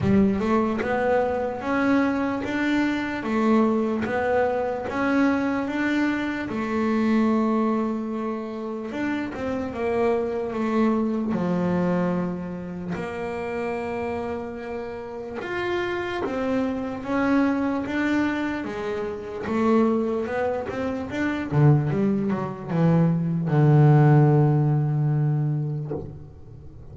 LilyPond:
\new Staff \with { instrumentName = "double bass" } { \time 4/4 \tempo 4 = 74 g8 a8 b4 cis'4 d'4 | a4 b4 cis'4 d'4 | a2. d'8 c'8 | ais4 a4 f2 |
ais2. f'4 | c'4 cis'4 d'4 gis4 | a4 b8 c'8 d'8 d8 g8 fis8 | e4 d2. | }